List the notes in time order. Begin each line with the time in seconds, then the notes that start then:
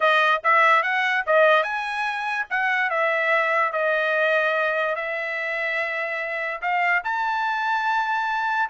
0.00 D#5
0.43 E5
0.82 F#5
1.26 D#5
1.63 G#5
2.50 F#5
2.89 E5
3.72 D#5
4.95 E5
6.61 F5
7.04 A5